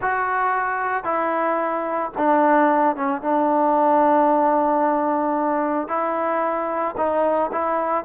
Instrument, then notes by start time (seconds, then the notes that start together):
trombone
0.01 F#4
1.03 E4
2.17 D4
2.96 C#4
3.21 D4
5.88 E4
6.97 D#4
7.51 E4